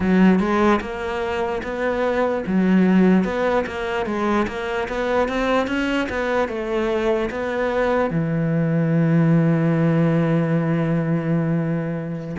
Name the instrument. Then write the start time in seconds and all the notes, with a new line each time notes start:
cello
0.00 F#3
0.39 G#3
0.80 A#3
1.63 B3
2.47 F#3
3.24 B3
3.66 A#3
4.06 G#3
4.47 A#3
4.88 B3
5.28 C4
5.67 C#4
6.08 B3
6.48 A3
7.30 B3
8.10 E3